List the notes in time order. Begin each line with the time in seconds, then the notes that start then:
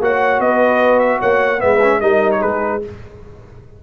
0.00 A#3 F#4 C#5 F#5
0.39 B3 B4 D#5
0.99 E5
1.20 A#3 C#5 F#5
1.59 G#3 B3 B4 E5
1.83 C#4
2.01 G3 D#4 A#4 D#5
2.32 C#5
2.39 G#3 G#4 B4